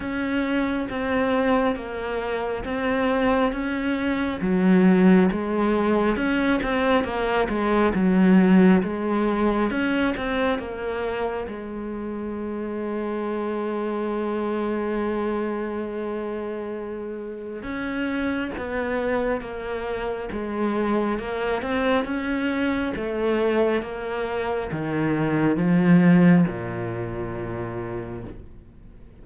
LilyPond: \new Staff \with { instrumentName = "cello" } { \time 4/4 \tempo 4 = 68 cis'4 c'4 ais4 c'4 | cis'4 fis4 gis4 cis'8 c'8 | ais8 gis8 fis4 gis4 cis'8 c'8 | ais4 gis2.~ |
gis1 | cis'4 b4 ais4 gis4 | ais8 c'8 cis'4 a4 ais4 | dis4 f4 ais,2 | }